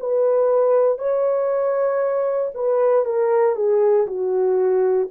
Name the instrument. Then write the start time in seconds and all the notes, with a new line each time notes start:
horn
0.00 B4
0.99 C#5
2.55 B4
3.06 A#4
3.56 G#4
4.07 F#4